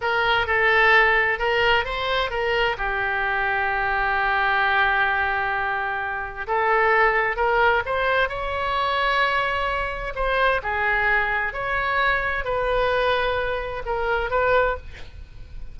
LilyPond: \new Staff \with { instrumentName = "oboe" } { \time 4/4 \tempo 4 = 130 ais'4 a'2 ais'4 | c''4 ais'4 g'2~ | g'1~ | g'2 a'2 |
ais'4 c''4 cis''2~ | cis''2 c''4 gis'4~ | gis'4 cis''2 b'4~ | b'2 ais'4 b'4 | }